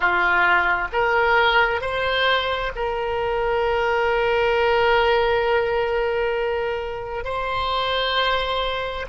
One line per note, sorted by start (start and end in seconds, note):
0.00 0.88 F4
0.92 1.81 A#4
1.81 2.72 C5
2.75 7.24 A#4
7.24 9.06 C5